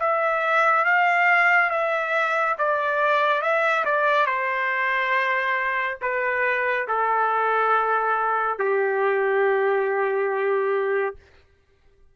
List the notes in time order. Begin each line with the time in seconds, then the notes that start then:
0.00 E5
0.85 F5
1.70 E5
2.58 D5
3.42 E5
3.85 D5
4.27 C5
6.01 B4
6.88 A4
8.59 G4